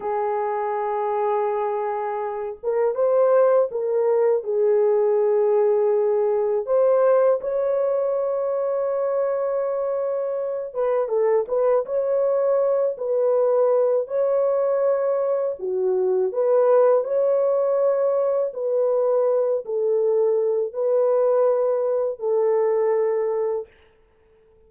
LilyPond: \new Staff \with { instrumentName = "horn" } { \time 4/4 \tempo 4 = 81 gis'2.~ gis'8 ais'8 | c''4 ais'4 gis'2~ | gis'4 c''4 cis''2~ | cis''2~ cis''8 b'8 a'8 b'8 |
cis''4. b'4. cis''4~ | cis''4 fis'4 b'4 cis''4~ | cis''4 b'4. a'4. | b'2 a'2 | }